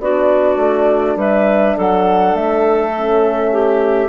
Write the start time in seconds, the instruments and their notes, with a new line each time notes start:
0.00 bassoon B3, horn D4, clarinet F#4, flute D5
0.57 bassoon A3
1.16 bassoon G3, clarinet B4, flute E5
1.77 bassoon F#3, clarinet A4, flute F#5
2.34 bassoon A3, flute E5
2.97 horn C#4
3.52 clarinet G4